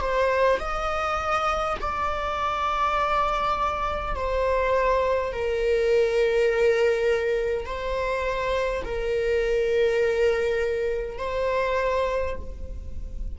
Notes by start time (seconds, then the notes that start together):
0.00 C5
0.59 D#5
1.81 D5
4.16 C5
5.33 A#4
7.66 C5
8.84 A#4
11.18 C5